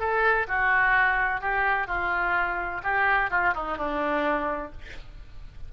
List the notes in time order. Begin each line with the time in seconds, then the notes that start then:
0.00 A4
0.48 F#4
1.41 G4
1.87 F4
2.84 G4
3.31 F4
3.55 D#4
3.78 D4